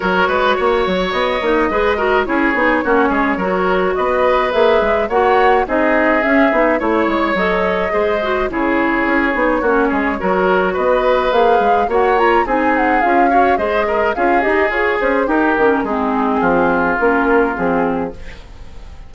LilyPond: <<
  \new Staff \with { instrumentName = "flute" } { \time 4/4 \tempo 4 = 106 cis''2 dis''2 | cis''2. dis''4 | e''4 fis''4 dis''4 e''4 | cis''4 dis''2 cis''4~ |
cis''2. dis''4 | f''4 fis''8 ais''8 gis''8 fis''8 f''4 | dis''4 f''8 dis''8 cis''8 c''8 ais'4 | gis'2 ais'4 gis'4 | }
  \new Staff \with { instrumentName = "oboe" } { \time 4/4 ais'8 b'8 cis''2 b'8 ais'8 | gis'4 fis'8 gis'8 ais'4 b'4~ | b'4 cis''4 gis'2 | cis''2 c''4 gis'4~ |
gis'4 fis'8 gis'8 ais'4 b'4~ | b'4 cis''4 gis'4. cis''8 | c''8 ais'8 gis'2 g'4 | dis'4 f'2. | }
  \new Staff \with { instrumentName = "clarinet" } { \time 4/4 fis'2~ fis'8 dis'8 gis'8 fis'8 | e'8 dis'8 cis'4 fis'2 | gis'4 fis'4 dis'4 cis'8 dis'8 | e'4 a'4 gis'8 fis'8 e'4~ |
e'8 dis'8 cis'4 fis'2 | gis'4 fis'8 f'8 dis'4 f'8 fis'8 | gis'4 f'8 g'8 gis'4 dis'8 cis'8 | c'2 cis'4 c'4 | }
  \new Staff \with { instrumentName = "bassoon" } { \time 4/4 fis8 gis8 ais8 fis8 b8 ais8 gis4 | cis'8 b8 ais8 gis8 fis4 b4 | ais8 gis8 ais4 c'4 cis'8 b8 | a8 gis8 fis4 gis4 cis4 |
cis'8 b8 ais8 gis8 fis4 b4 | ais8 gis8 ais4 c'4 cis'4 | gis4 cis'8 dis'8 f'8 cis'8 dis'8 dis8 | gis4 f4 ais4 f4 | }
>>